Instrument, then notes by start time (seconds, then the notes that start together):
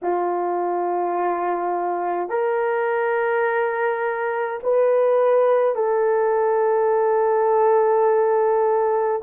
horn
0.02 F4
2.29 A#4
4.63 B4
5.75 A4